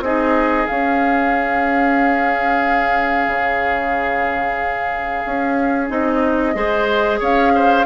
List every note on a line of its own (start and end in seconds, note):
0.00 0.65 C4
0.00 0.68 D#4
0.00 6.56 G#4
0.00 0.66 D#5
0.66 5.89 C#4
0.66 3.27 C#4
0.66 5.88 F5
3.27 5.23 C#3
5.25 5.90 C#4
5.89 6.55 C4
5.89 6.54 D#4
5.89 7.20 D#5
6.54 7.20 G#3
6.54 7.84 G#4
6.54 7.19 C5
7.19 7.86 C#4
7.19 7.52 C#5
7.19 7.86 F5
7.54 7.86 C5